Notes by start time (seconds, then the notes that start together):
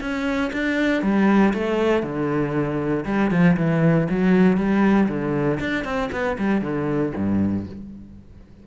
0.00 C#4
0.52 D4
1.02 G3
1.53 A3
2.02 D3
3.05 G3
3.31 F3
3.56 E3
4.10 F#3
4.57 G3
5.08 D3
5.60 D4
5.84 C4
6.12 B3
6.38 G3
6.61 D3
7.15 G2